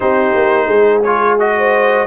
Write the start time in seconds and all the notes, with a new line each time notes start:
0.00 C4 D#4 G4 C5
0.34 A#3
0.66 G#3 G#4
1.03 F4 C#5
1.39 F#4 D#5
1.57 C5